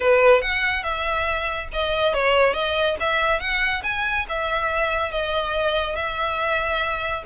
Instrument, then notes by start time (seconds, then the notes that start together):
violin
0.00 B4
0.41 F#5
0.83 E5
1.72 D#5
2.13 C#5
2.53 D#5
3.00 E5
3.39 F#5
3.83 G#5
4.28 E5
5.11 D#5
5.95 E5